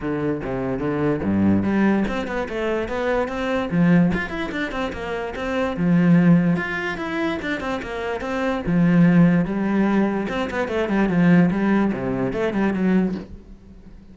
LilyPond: \new Staff \with { instrumentName = "cello" } { \time 4/4 \tempo 4 = 146 d4 c4 d4 g,4 | g4 c'8 b8 a4 b4 | c'4 f4 f'8 e'8 d'8 c'8 | ais4 c'4 f2 |
f'4 e'4 d'8 c'8 ais4 | c'4 f2 g4~ | g4 c'8 b8 a8 g8 f4 | g4 c4 a8 g8 fis4 | }